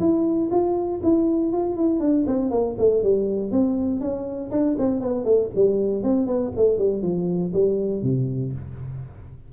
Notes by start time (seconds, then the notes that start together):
0.00 E4
0.51 F4
1.03 E4
1.53 F4
1.77 E4
2.00 D4
2.27 C4
2.51 A#3
2.79 A3
3.03 G3
3.52 C4
4.01 C#4
4.52 D4
4.78 C4
5.01 B3
5.25 A3
5.55 G3
6.03 C4
6.27 B3
6.57 A3
6.78 G3
7.02 F3
7.54 G3
8.03 C3